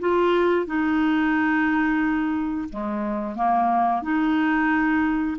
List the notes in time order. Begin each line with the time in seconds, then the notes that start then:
0.00 F4
0.67 D#4
2.70 G#3
3.36 A#3
4.03 D#4